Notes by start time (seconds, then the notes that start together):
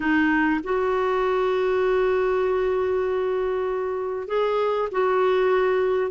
0.00 D#4
0.63 F#4
4.27 G#4
4.91 F#4